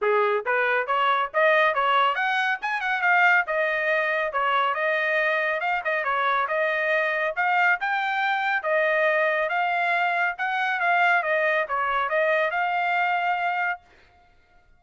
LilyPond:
\new Staff \with { instrumentName = "trumpet" } { \time 4/4 \tempo 4 = 139 gis'4 b'4 cis''4 dis''4 | cis''4 fis''4 gis''8 fis''8 f''4 | dis''2 cis''4 dis''4~ | dis''4 f''8 dis''8 cis''4 dis''4~ |
dis''4 f''4 g''2 | dis''2 f''2 | fis''4 f''4 dis''4 cis''4 | dis''4 f''2. | }